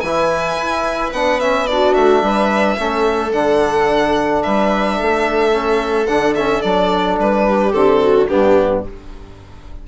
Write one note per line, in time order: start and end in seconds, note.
0.00 0.57 E3
0.00 1.68 B4
0.00 1.10 G#5
0.07 1.15 E4
0.58 1.12 E4
1.12 1.95 B3
1.12 1.41 D4
1.12 1.40 F#5
1.40 1.68 C#4
1.40 1.67 E5
1.67 2.78 D4
1.67 2.23 F#4
1.67 1.94 D5
1.94 2.22 A3
1.94 3.32 E5
2.22 2.77 G3
2.22 2.78 B4
2.78 3.33 A3
2.78 3.33 C#4
2.78 4.43 A4
3.33 4.43 D3
3.33 5.52 D4
3.33 4.43 F#5
4.43 5.01 G3
4.43 4.96 B4
4.43 6.06 E5
4.96 6.09 A3
4.96 7.44 A4
5.52 6.07 C#4
6.06 6.64 D3
6.06 6.36 D4
6.06 6.34 F#5
6.35 6.64 C#4
6.35 6.62 E5
6.62 7.19 F#3
6.62 7.73 D4
6.62 7.17 D5
7.19 7.74 G3
7.19 7.72 B4
7.48 8.02 G4
7.72 8.29 D3
7.72 8.28 C4
7.72 8.27 A4
8.02 8.29 F#4
8.28 8.88 G2
8.28 8.84 B3
8.28 8.84 D4
8.28 8.83 G4